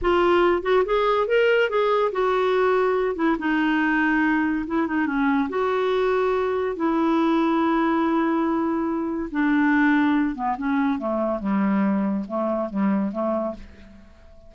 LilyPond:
\new Staff \with { instrumentName = "clarinet" } { \time 4/4 \tempo 4 = 142 f'4. fis'8 gis'4 ais'4 | gis'4 fis'2~ fis'8 e'8 | dis'2. e'8 dis'8 | cis'4 fis'2. |
e'1~ | e'2 d'2~ | d'8 b8 cis'4 a4 g4~ | g4 a4 g4 a4 | }